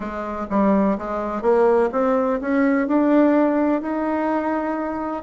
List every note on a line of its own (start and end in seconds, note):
0.00 0.46 G#3
0.50 0.97 G3
0.97 1.42 G#3
1.42 1.89 A#3
1.92 2.39 C4
2.41 2.87 C#4
2.87 3.81 D4
3.81 5.23 D#4